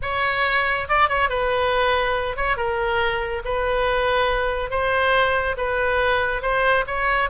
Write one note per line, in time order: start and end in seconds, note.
0.02 0.87 C#5
0.88 1.08 D5
1.08 1.29 C#5
1.29 2.36 B4
2.36 2.56 C#5
2.56 3.42 A#4
3.44 4.70 B4
4.70 5.56 C5
5.57 6.41 B4
6.41 6.84 C5
6.86 7.29 C#5